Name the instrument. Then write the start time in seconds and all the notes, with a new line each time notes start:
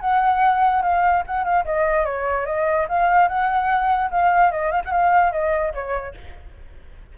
flute
0.00 F#5
0.82 F5
1.26 F#5
1.44 F5
1.65 D#5
2.05 C#5
2.46 D#5
2.89 F5
3.28 F#5
4.11 F5
4.51 D#5
4.71 F5
4.85 F#5
4.91 F5
5.32 D#5
5.74 C#5